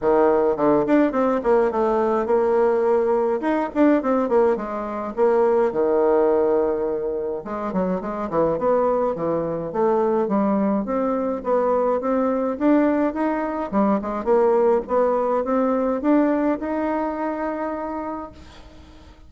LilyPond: \new Staff \with { instrumentName = "bassoon" } { \time 4/4 \tempo 4 = 105 dis4 d8 d'8 c'8 ais8 a4 | ais2 dis'8 d'8 c'8 ais8 | gis4 ais4 dis2~ | dis4 gis8 fis8 gis8 e8 b4 |
e4 a4 g4 c'4 | b4 c'4 d'4 dis'4 | g8 gis8 ais4 b4 c'4 | d'4 dis'2. | }